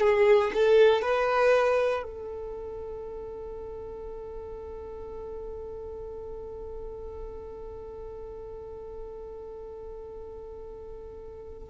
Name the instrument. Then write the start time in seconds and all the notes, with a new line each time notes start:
violin
0.00 G#4
0.53 A4
1.02 B4
2.03 A4